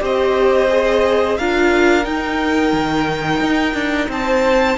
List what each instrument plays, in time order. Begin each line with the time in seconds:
0.00 cello C4, viola G4, violin C5 D#5
0.70 viola G#4
1.38 cello D4, viola F4, violin A#4 F5
2.04 viola D#4, cello D#4, violin G5
2.73 cello D#3
3.41 cello D#4
3.74 cello D4
4.09 cello C4, violin C5 A5